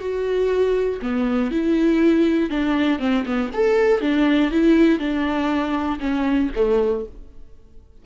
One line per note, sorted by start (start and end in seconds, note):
0.00 1.00 F#4
1.02 1.52 B3
1.52 2.50 E4
2.50 3.00 D4
3.00 3.25 C4
3.26 3.51 B3
3.54 4.02 A4
4.02 4.52 D4
4.52 4.99 E4
4.99 5.99 D4
6.00 6.50 C#4
6.56 7.06 A3